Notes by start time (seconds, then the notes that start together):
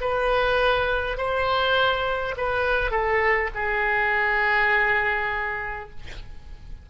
0.00 B4
1.17 C5
2.37 B4
2.90 A4
3.54 G#4